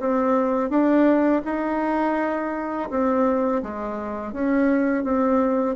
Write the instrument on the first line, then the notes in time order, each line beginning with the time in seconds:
bassoon
0.00 C4
0.70 D4
1.45 D#4
2.90 C4
3.63 G#3
4.33 C#4
5.04 C4